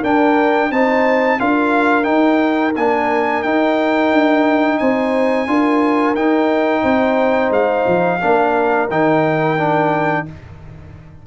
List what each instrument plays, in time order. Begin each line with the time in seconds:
0.00 tuba D4, trombone D4, horn A#4, trumpet G5
0.71 tuba C4, trombone D#4, horn C5, trumpet A5
1.39 tuba D4, trombone F4, horn A#4, trumpet F5
2.04 trombone D#4, tuba D#4, trumpet G5
2.76 tuba A#3, trombone D4, trumpet G#5
3.43 tuba D#4, trombone D#4, trumpet G5
4.12 tuba D4
4.78 tuba C4, horn C5, trumpet G#5
5.47 tuba D4, trombone F4, horn A#4
6.15 tuba D#4, trombone D#4, trumpet G5
6.82 tuba C4, horn C5
7.50 tuba G#3, trumpet F5
7.87 tuba F3
8.21 tuba A#3, trombone D4, horn A#4
8.90 tuba D#3, trombone D#4, trumpet G5
9.57 trombone D4